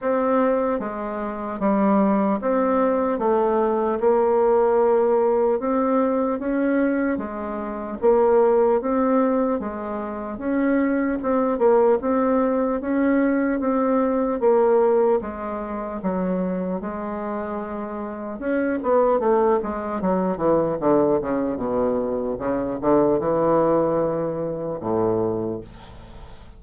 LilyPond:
\new Staff \with { instrumentName = "bassoon" } { \time 4/4 \tempo 4 = 75 c'4 gis4 g4 c'4 | a4 ais2 c'4 | cis'4 gis4 ais4 c'4 | gis4 cis'4 c'8 ais8 c'4 |
cis'4 c'4 ais4 gis4 | fis4 gis2 cis'8 b8 | a8 gis8 fis8 e8 d8 cis8 b,4 | cis8 d8 e2 a,4 | }